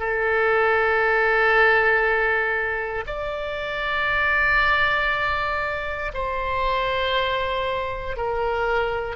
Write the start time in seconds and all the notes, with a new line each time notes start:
0.00 A4
3.07 D5
6.14 C5
8.17 A#4